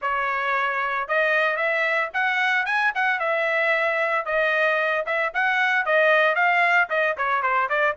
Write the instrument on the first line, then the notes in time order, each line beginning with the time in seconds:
trumpet
0.01 C#5
1.07 D#5
1.56 E5
2.13 F#5
2.65 G#5
2.94 F#5
3.19 E5
4.25 D#5
5.06 E5
5.34 F#5
5.85 D#5
6.35 F5
6.89 D#5
7.17 C#5
7.42 C5
7.69 D5